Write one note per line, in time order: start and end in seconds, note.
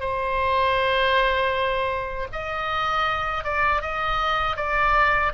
0.00 2.28 C5
2.32 3.44 D#5
3.44 3.82 D5
3.82 4.56 D#5
4.56 5.32 D5